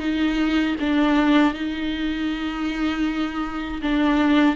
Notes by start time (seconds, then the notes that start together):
0.00 D#4
0.80 D4
1.54 D#4
3.83 D4